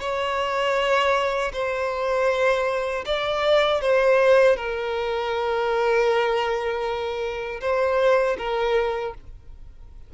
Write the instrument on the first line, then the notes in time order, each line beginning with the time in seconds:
violin
0.00 C#5
1.53 C5
3.06 D5
3.81 C5
4.56 A#4
7.61 C5
8.38 A#4